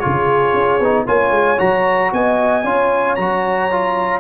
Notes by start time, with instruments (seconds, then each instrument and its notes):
0.00 tuba C#3, trombone F4, horn G#4, trumpet C#5
0.54 tuba C#4
0.80 tuba B3, trombone D#4
1.06 tuba A#3, trombone F4, horn C#5, trumpet G#5
1.31 tuba G#3
1.58 tuba F#3, trombone F#4, trumpet A#5
2.12 tuba B3, horn D#5, trumpet G#5
2.64 tuba C#4, trombone F4, horn C#5
3.15 tuba F#3, trombone F#4, trumpet A#5
3.71 trombone F4